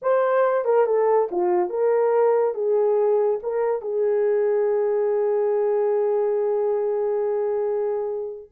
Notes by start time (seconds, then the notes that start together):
0.02 C5
0.64 A#4
0.86 A4
1.31 F4
1.69 A#4
2.54 G#4
3.43 A#4
3.81 G#4